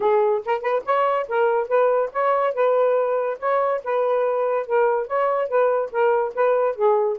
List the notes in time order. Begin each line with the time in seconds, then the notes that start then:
0.00 G#4
0.45 A#4
0.61 B4
0.85 C#5
1.28 A#4
1.68 B4
2.12 C#5
2.54 B4
3.39 C#5
3.84 B4
4.66 A#4
5.07 C#5
5.48 B4
5.91 A#4
6.34 B4
6.75 G#4